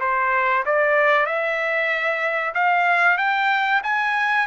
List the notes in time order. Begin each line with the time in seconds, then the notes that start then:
0.00 C5
0.66 D5
1.26 E5
2.54 F5
3.18 G5
3.83 G#5